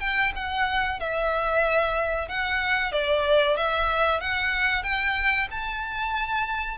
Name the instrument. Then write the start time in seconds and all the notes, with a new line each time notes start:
violin
0.00 G5
0.35 F#5
0.99 E5
2.28 F#5
2.92 D5
3.57 E5
4.20 F#5
4.83 G5
5.51 A5